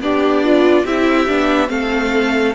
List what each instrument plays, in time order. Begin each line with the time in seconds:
0.00 cello B3, violin D4 D5, viola G4
0.44 viola F4
0.84 cello C4, viola E4, violin G4 E5
1.27 cello B3, viola D4
1.67 cello A3, viola C4, violin A4 F5